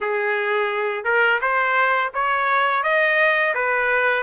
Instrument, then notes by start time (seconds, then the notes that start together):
trumpet
0.01 G#4
1.04 A#4
1.41 C5
2.14 C#5
2.83 D#5
3.54 B4